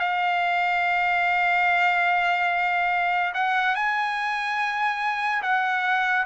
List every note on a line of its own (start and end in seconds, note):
0.00 3.33 F5
3.34 3.76 F#5
3.76 5.42 G#5
5.43 6.26 F#5